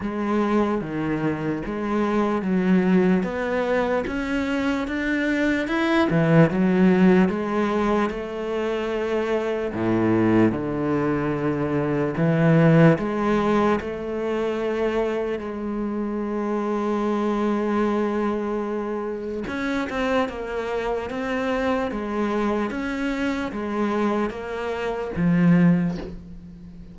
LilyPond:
\new Staff \with { instrumentName = "cello" } { \time 4/4 \tempo 4 = 74 gis4 dis4 gis4 fis4 | b4 cis'4 d'4 e'8 e8 | fis4 gis4 a2 | a,4 d2 e4 |
gis4 a2 gis4~ | gis1 | cis'8 c'8 ais4 c'4 gis4 | cis'4 gis4 ais4 f4 | }